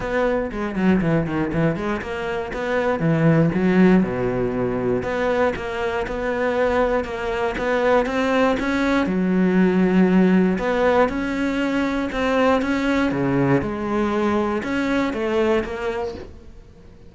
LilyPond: \new Staff \with { instrumentName = "cello" } { \time 4/4 \tempo 4 = 119 b4 gis8 fis8 e8 dis8 e8 gis8 | ais4 b4 e4 fis4 | b,2 b4 ais4 | b2 ais4 b4 |
c'4 cis'4 fis2~ | fis4 b4 cis'2 | c'4 cis'4 cis4 gis4~ | gis4 cis'4 a4 ais4 | }